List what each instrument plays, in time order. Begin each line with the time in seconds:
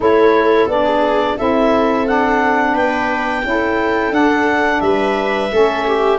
0.00 tuba A3, saxophone E4, viola A4, clarinet C#5
0.67 tuba B3, saxophone D4, clarinet D5
0.84 viola G#4
1.37 tuba C4, saxophone E4, viola A4, clarinet E5
2.05 saxophone D4, clarinet F#5
2.73 tuba B3, viola B4, clarinet G5
3.44 tuba C#4, saxophone E4, viola A4
4.11 tuba D4, saxophone D4, clarinet F#5
4.80 tuba G3, viola B4, clarinet E5
5.50 tuba A3, saxophone C#4, viola A4
5.87 viola G4